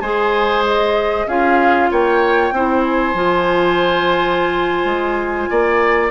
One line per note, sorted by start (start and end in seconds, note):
0.00 1.26 G#3
0.00 1.29 G#4
0.00 1.27 C5
0.00 0.62 G#5
0.67 1.28 D#5
1.26 1.89 C#4
1.26 2.54 F4
1.26 1.90 G#4
1.26 1.90 F5
1.91 2.52 A#3
1.91 2.54 C#5
1.91 2.83 G5
2.52 3.14 C4
2.52 3.15 E4
2.52 5.50 C5
2.83 6.10 G#5
3.14 4.85 F3
3.14 6.10 F4
4.85 5.47 G#3
5.50 6.10 A#3
5.50 6.10 D5